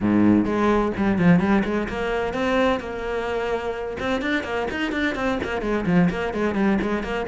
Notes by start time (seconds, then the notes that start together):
0.00 G#2
0.45 G#3
0.96 G3
1.18 F3
1.39 G3
1.64 G#3
1.89 A#3
2.33 C4
2.80 A#3
3.99 C4
4.21 D4
4.43 A#3
4.70 D#4
4.91 D4
5.15 C4
5.43 A#3
5.61 G#3
5.86 F3
6.10 A#3
6.33 G#3
6.55 G3
6.81 G#3
7.03 A#3